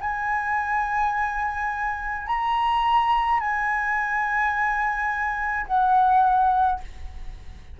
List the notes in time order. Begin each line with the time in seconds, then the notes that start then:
0.00 G#5
2.26 A#5
3.40 G#5
5.67 F#5